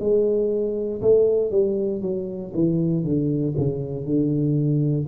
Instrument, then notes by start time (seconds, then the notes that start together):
tuba
0.00 G#3
1.02 A3
1.51 G3
2.02 F#3
2.54 E3
3.04 D3
3.57 C#3
4.06 D3